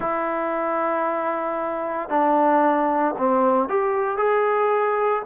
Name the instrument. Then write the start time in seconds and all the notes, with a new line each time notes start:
trombone
0.00 E4
2.09 D4
3.18 C4
3.68 G4
4.17 G#4